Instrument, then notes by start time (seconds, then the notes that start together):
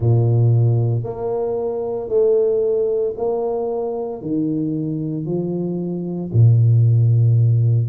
tuba
0.00 A#2
1.03 A#3
2.09 A3
3.16 A#3
4.21 D#3
5.25 F3
6.32 A#2